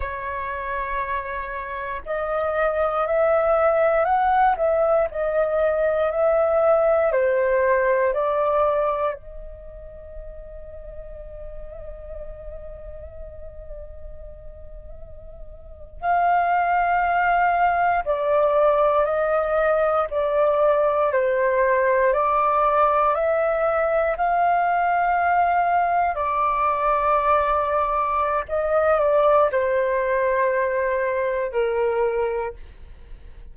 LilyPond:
\new Staff \with { instrumentName = "flute" } { \time 4/4 \tempo 4 = 59 cis''2 dis''4 e''4 | fis''8 e''8 dis''4 e''4 c''4 | d''4 dis''2.~ | dis''2.~ dis''8. f''16~ |
f''4.~ f''16 d''4 dis''4 d''16~ | d''8. c''4 d''4 e''4 f''16~ | f''4.~ f''16 d''2~ d''16 | dis''8 d''8 c''2 ais'4 | }